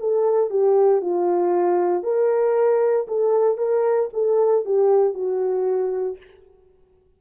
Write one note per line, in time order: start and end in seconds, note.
0.00 0.50 A4
0.50 1.01 G4
1.01 2.03 F4
2.03 3.07 A#4
3.08 3.58 A4
3.58 4.10 A#4
4.13 4.65 A4
4.66 5.14 G4
5.14 6.17 F#4